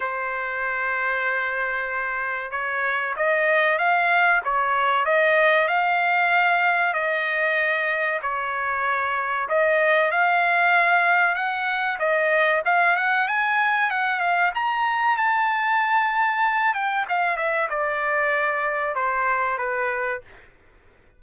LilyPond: \new Staff \with { instrumentName = "trumpet" } { \time 4/4 \tempo 4 = 95 c''1 | cis''4 dis''4 f''4 cis''4 | dis''4 f''2 dis''4~ | dis''4 cis''2 dis''4 |
f''2 fis''4 dis''4 | f''8 fis''8 gis''4 fis''8 f''8 ais''4 | a''2~ a''8 g''8 f''8 e''8 | d''2 c''4 b'4 | }